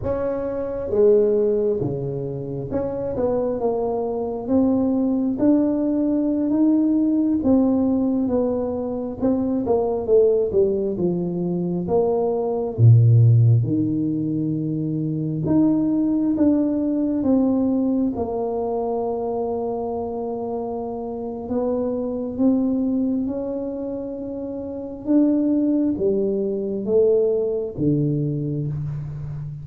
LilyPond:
\new Staff \with { instrumentName = "tuba" } { \time 4/4 \tempo 4 = 67 cis'4 gis4 cis4 cis'8 b8 | ais4 c'4 d'4~ d'16 dis'8.~ | dis'16 c'4 b4 c'8 ais8 a8 g16~ | g16 f4 ais4 ais,4 dis8.~ |
dis4~ dis16 dis'4 d'4 c'8.~ | c'16 ais2.~ ais8. | b4 c'4 cis'2 | d'4 g4 a4 d4 | }